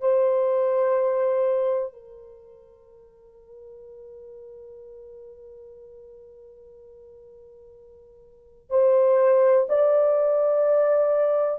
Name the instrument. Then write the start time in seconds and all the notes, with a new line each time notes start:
horn
0.00 C5
1.93 A#4
8.70 C5
9.69 D5